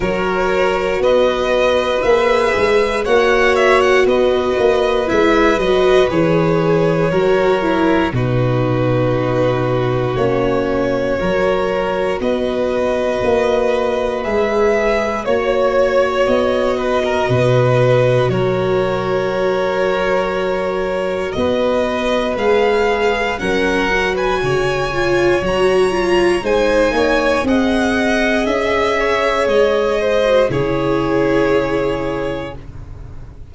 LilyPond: <<
  \new Staff \with { instrumentName = "violin" } { \time 4/4 \tempo 4 = 59 cis''4 dis''4 e''4 fis''8 e''16 fis''16 | dis''4 e''8 dis''8 cis''2 | b'2 cis''2 | dis''2 e''4 cis''4 |
dis''2 cis''2~ | cis''4 dis''4 f''4 fis''8. gis''16~ | gis''4 ais''4 gis''4 fis''4 | e''4 dis''4 cis''2 | }
  \new Staff \with { instrumentName = "violin" } { \time 4/4 ais'4 b'2 cis''4 | b'2. ais'4 | fis'2. ais'4 | b'2. cis''4~ |
cis''8 b'16 ais'16 b'4 ais'2~ | ais'4 b'2 ais'8. b'16 | cis''2 c''8 cis''8 dis''4~ | dis''8 cis''4 c''8 gis'2 | }
  \new Staff \with { instrumentName = "viola" } { \time 4/4 fis'2 gis'4 fis'4~ | fis'4 e'8 fis'8 gis'4 fis'8 e'8 | dis'2 cis'4 fis'4~ | fis'2 gis'4 fis'4~ |
fis'1~ | fis'2 gis'4 cis'8 fis'8~ | fis'8 f'8 fis'8 f'8 dis'4 gis'4~ | gis'4.~ gis'16 fis'16 e'2 | }
  \new Staff \with { instrumentName = "tuba" } { \time 4/4 fis4 b4 ais8 gis8 ais4 | b8 ais8 gis8 fis8 e4 fis4 | b,2 ais4 fis4 | b4 ais4 gis4 ais4 |
b4 b,4 fis2~ | fis4 b4 gis4 fis4 | cis4 fis4 gis8 ais8 c'4 | cis'4 gis4 cis2 | }
>>